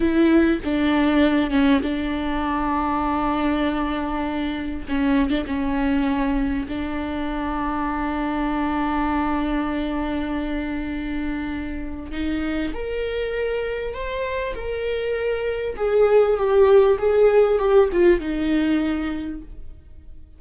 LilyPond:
\new Staff \with { instrumentName = "viola" } { \time 4/4 \tempo 4 = 99 e'4 d'4. cis'8 d'4~ | d'1 | cis'8. d'16 cis'2 d'4~ | d'1~ |
d'1 | dis'4 ais'2 c''4 | ais'2 gis'4 g'4 | gis'4 g'8 f'8 dis'2 | }